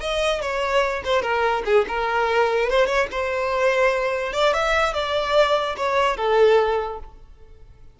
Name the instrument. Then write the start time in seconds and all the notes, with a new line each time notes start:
violin
0.00 D#5
0.41 C#5
1.04 C5
1.22 A#4
1.65 G#4
1.88 A#4
2.70 C5
2.86 C#5
3.11 C5
4.33 D5
4.54 E5
4.94 D5
5.77 C#5
6.17 A4